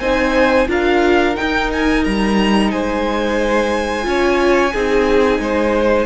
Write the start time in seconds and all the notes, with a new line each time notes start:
0.00 C4 D#4 C5 G#5
0.68 D4 F4 A#4 F5
1.35 D#4 G5
1.72 G#5
2.04 G3 A#5
2.71 G#3 C5 G#5
4.03 C#4 F4 C#5
4.73 C4 D#4 G#4
5.39 G#3 C5